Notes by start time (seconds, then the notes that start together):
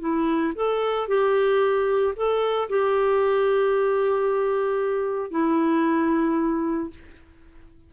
0.00 E4
0.55 A4
1.08 G4
2.16 A4
2.69 G4
5.31 E4